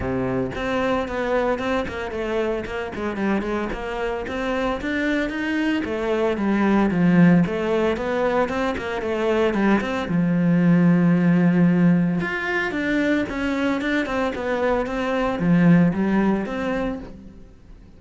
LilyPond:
\new Staff \with { instrumentName = "cello" } { \time 4/4 \tempo 4 = 113 c4 c'4 b4 c'8 ais8 | a4 ais8 gis8 g8 gis8 ais4 | c'4 d'4 dis'4 a4 | g4 f4 a4 b4 |
c'8 ais8 a4 g8 c'8 f4~ | f2. f'4 | d'4 cis'4 d'8 c'8 b4 | c'4 f4 g4 c'4 | }